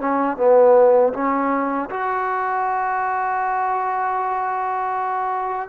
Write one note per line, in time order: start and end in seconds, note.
0.00 0.37 C#4
0.37 1.13 B3
1.14 1.90 C#4
1.90 5.69 F#4